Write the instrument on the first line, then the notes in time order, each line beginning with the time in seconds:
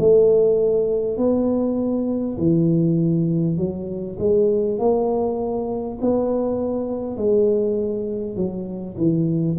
tuba
0.00 A3
1.18 B3
2.38 E3
3.58 F#3
4.19 G#3
4.79 A#3
6.02 B3
7.17 G#3
8.37 F#3
8.98 E3